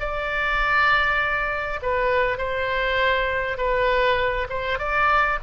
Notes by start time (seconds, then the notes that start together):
0.00 D5
1.82 B4
2.38 C5
3.57 B4
4.49 C5
4.79 D5